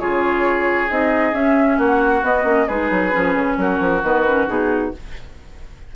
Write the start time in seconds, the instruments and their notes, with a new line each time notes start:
0.00 bassoon C#3, clarinet F4, oboe G#4, flute C#5
0.89 bassoon C4, clarinet D#4, flute D#5
1.33 clarinet C#4, bassoon C#4, flute E5
1.78 bassoon A#3, oboe F#4, flute F#5
2.22 clarinet B3, bassoon B3, flute D#5
2.44 bassoon A#3, clarinet C#4
2.67 bassoon G#3, clarinet D#4, oboe G#4, flute B4
2.91 bassoon F#3
3.12 bassoon F3, clarinet C#4
3.35 bassoon C#3
3.57 bassoon F#3, oboe F#4, flute A#4
3.80 bassoon F3
4.03 bassoon D#3, clarinet B3, flute B4
4.27 clarinet C#4
4.47 bassoon B2, clarinet D#4, flute G#4